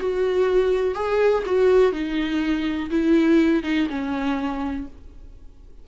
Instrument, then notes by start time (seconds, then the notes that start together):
viola
0.00 F#4
0.95 G#4
1.46 F#4
1.93 D#4
2.91 E4
3.64 D#4
3.90 C#4